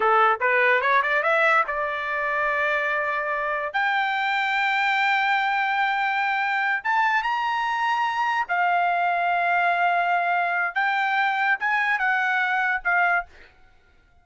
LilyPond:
\new Staff \with { instrumentName = "trumpet" } { \time 4/4 \tempo 4 = 145 a'4 b'4 cis''8 d''8 e''4 | d''1~ | d''4 g''2.~ | g''1~ |
g''8 a''4 ais''2~ ais''8~ | ais''8 f''2.~ f''8~ | f''2 g''2 | gis''4 fis''2 f''4 | }